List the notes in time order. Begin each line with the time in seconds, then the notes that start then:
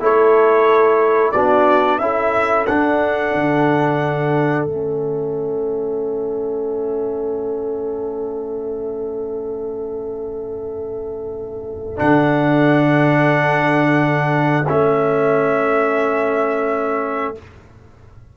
0.00 A3 E4 A4 C#5
1.32 B3 D4 F#4 D5
1.98 C#4 E4 A4 E5
2.66 D4 F#5
3.34 D3
4.66 A3 C#4 E5
11.97 D3 D4 F#5
14.68 A3 C#4 E5